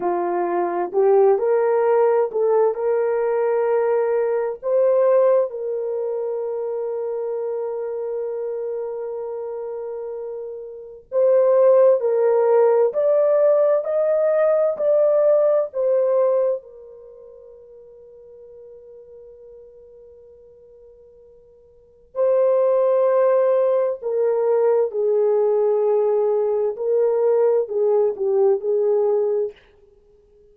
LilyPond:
\new Staff \with { instrumentName = "horn" } { \time 4/4 \tempo 4 = 65 f'4 g'8 ais'4 a'8 ais'4~ | ais'4 c''4 ais'2~ | ais'1 | c''4 ais'4 d''4 dis''4 |
d''4 c''4 ais'2~ | ais'1 | c''2 ais'4 gis'4~ | gis'4 ais'4 gis'8 g'8 gis'4 | }